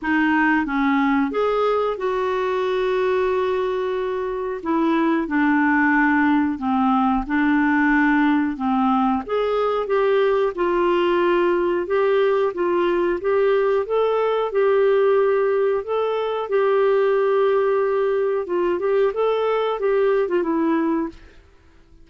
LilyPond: \new Staff \with { instrumentName = "clarinet" } { \time 4/4 \tempo 4 = 91 dis'4 cis'4 gis'4 fis'4~ | fis'2. e'4 | d'2 c'4 d'4~ | d'4 c'4 gis'4 g'4 |
f'2 g'4 f'4 | g'4 a'4 g'2 | a'4 g'2. | f'8 g'8 a'4 g'8. f'16 e'4 | }